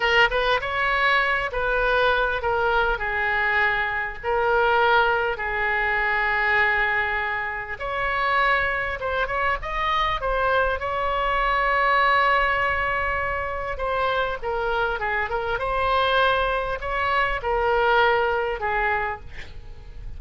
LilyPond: \new Staff \with { instrumentName = "oboe" } { \time 4/4 \tempo 4 = 100 ais'8 b'8 cis''4. b'4. | ais'4 gis'2 ais'4~ | ais'4 gis'2.~ | gis'4 cis''2 c''8 cis''8 |
dis''4 c''4 cis''2~ | cis''2. c''4 | ais'4 gis'8 ais'8 c''2 | cis''4 ais'2 gis'4 | }